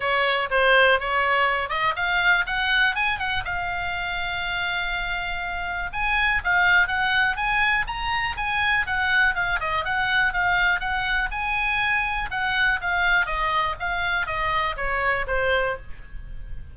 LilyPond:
\new Staff \with { instrumentName = "oboe" } { \time 4/4 \tempo 4 = 122 cis''4 c''4 cis''4. dis''8 | f''4 fis''4 gis''8 fis''8 f''4~ | f''1 | gis''4 f''4 fis''4 gis''4 |
ais''4 gis''4 fis''4 f''8 dis''8 | fis''4 f''4 fis''4 gis''4~ | gis''4 fis''4 f''4 dis''4 | f''4 dis''4 cis''4 c''4 | }